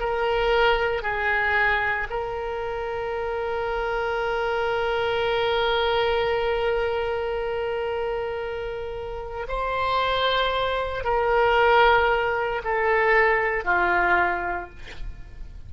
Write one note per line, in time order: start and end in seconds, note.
0.00 1.03 A#4
1.03 2.08 G#4
2.10 9.47 A#4
9.48 11.05 C5
11.05 12.63 A#4
12.64 13.65 A4
13.65 14.70 F4